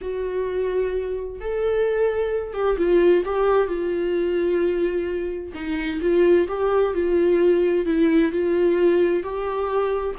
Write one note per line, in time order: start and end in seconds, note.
0.01 1.40 F#4
1.40 2.53 A4
2.53 2.76 G4
2.77 3.23 F4
3.25 3.67 G4
3.67 5.52 F4
5.54 6.00 D#4
6.01 6.47 F4
6.48 6.93 G4
6.93 7.85 F4
7.85 8.31 E4
8.31 9.23 F4
9.23 10.15 G4